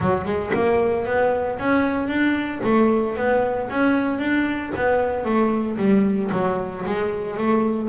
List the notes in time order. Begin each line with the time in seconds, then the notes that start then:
0.00 F#3
0.24 G#3
0.53 A#3
1.05 B3
1.58 C#4
2.08 D4
2.63 A3
3.16 B3
3.70 C#4
4.18 D4
4.76 B3
5.24 A3
5.77 G3
6.32 F#3
6.85 G#3
7.37 A3